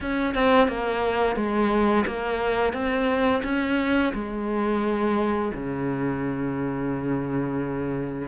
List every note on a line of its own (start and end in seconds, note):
0.01 0.34 C#4
0.34 0.67 C4
0.67 1.36 A#3
1.36 2.05 G#3
2.06 2.73 A#3
2.73 3.42 C4
3.43 4.12 C#4
4.14 5.52 G#3
5.54 8.28 C#3